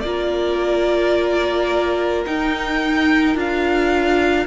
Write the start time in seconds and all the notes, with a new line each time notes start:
0.00 A#3 F4 A#4 D5
2.26 D#4 G5
3.35 D4 F4 F5